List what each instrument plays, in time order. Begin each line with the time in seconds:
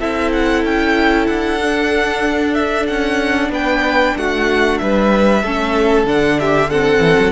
0.00 cello C4, viola E4, violin A4 E5
0.33 violin F#5
0.64 cello C#4, violin G5
1.27 cello D4, violin F#5
1.61 viola D4
2.54 violin E5
2.87 cello C#4, violin F#5
3.49 cello B3, violin B4 G5
4.17 cello A3, violin F#4 F#5
4.78 cello G3, violin B4 E5
5.43 cello A3, viola C#4, violin A4
6.04 cello D3, viola D4, violin F#5
6.40 violin G4 E5
6.70 viola C4, violin A4 F#5
6.99 cello E3
7.19 cello F#3